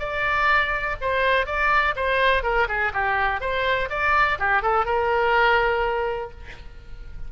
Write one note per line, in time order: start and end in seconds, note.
0.00 0.97 D5
1.02 1.47 C5
1.47 1.95 D5
1.96 2.44 C5
2.44 2.68 A#4
2.69 2.93 G#4
2.94 3.41 G4
3.41 3.90 C5
3.90 4.39 D5
4.39 4.63 G4
4.63 4.86 A4
4.86 6.31 A#4